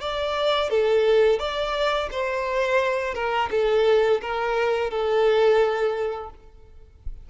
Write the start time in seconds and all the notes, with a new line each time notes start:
0.00 D5
0.70 A4
1.39 D5
2.11 C5
3.14 A#4
3.50 A4
4.21 A#4
4.90 A4